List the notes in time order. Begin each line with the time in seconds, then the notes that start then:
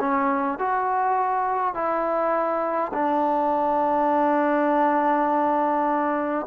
0.00 C#4
0.59 F#4
1.74 E4
2.94 D4